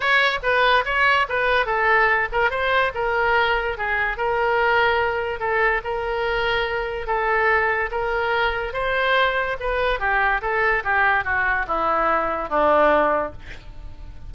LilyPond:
\new Staff \with { instrumentName = "oboe" } { \time 4/4 \tempo 4 = 144 cis''4 b'4 cis''4 b'4 | a'4. ais'8 c''4 ais'4~ | ais'4 gis'4 ais'2~ | ais'4 a'4 ais'2~ |
ais'4 a'2 ais'4~ | ais'4 c''2 b'4 | g'4 a'4 g'4 fis'4 | e'2 d'2 | }